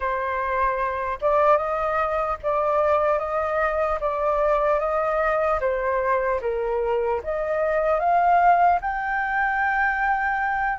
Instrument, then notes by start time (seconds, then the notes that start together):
flute
0.00 C5
1.21 D5
1.57 D#5
2.42 D5
3.18 D#5
4.00 D5
4.79 D#5
5.60 C5
6.41 A#4
7.23 D#5
7.99 F5
8.81 G5